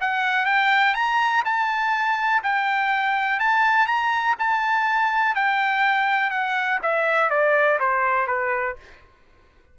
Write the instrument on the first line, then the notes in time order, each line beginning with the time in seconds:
trumpet
0.00 F#5
0.45 G5
0.94 A#5
1.44 A5
2.43 G5
3.39 A5
3.86 A#5
4.39 A5
5.35 G5
6.30 F#5
6.82 E5
7.30 D5
7.79 C5
8.27 B4